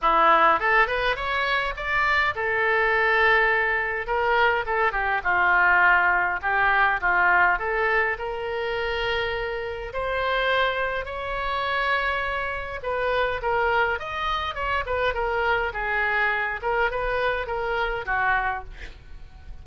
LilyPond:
\new Staff \with { instrumentName = "oboe" } { \time 4/4 \tempo 4 = 103 e'4 a'8 b'8 cis''4 d''4 | a'2. ais'4 | a'8 g'8 f'2 g'4 | f'4 a'4 ais'2~ |
ais'4 c''2 cis''4~ | cis''2 b'4 ais'4 | dis''4 cis''8 b'8 ais'4 gis'4~ | gis'8 ais'8 b'4 ais'4 fis'4 | }